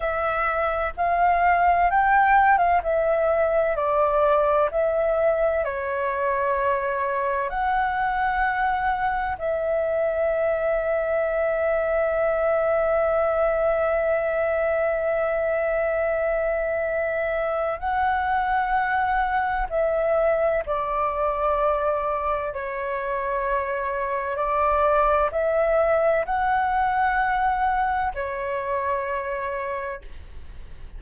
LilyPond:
\new Staff \with { instrumentName = "flute" } { \time 4/4 \tempo 4 = 64 e''4 f''4 g''8. f''16 e''4 | d''4 e''4 cis''2 | fis''2 e''2~ | e''1~ |
e''2. fis''4~ | fis''4 e''4 d''2 | cis''2 d''4 e''4 | fis''2 cis''2 | }